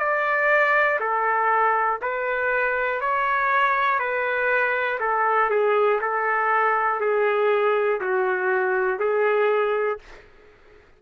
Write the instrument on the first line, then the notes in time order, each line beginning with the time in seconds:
trumpet
0.00 D5
1.00 A4
2.02 B4
3.01 C#5
4.00 B4
5.01 A4
5.50 G#4
6.02 A4
7.01 G#4
8.01 F#4
9.00 G#4